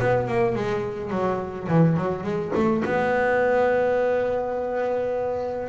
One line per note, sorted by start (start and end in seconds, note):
0.00 0.28 B3
0.28 0.56 A#3
0.56 1.11 G#3
1.11 1.68 F#3
1.69 1.97 E3
1.97 2.24 F#3
2.24 2.53 G#3
2.55 2.84 A3
2.85 5.69 B3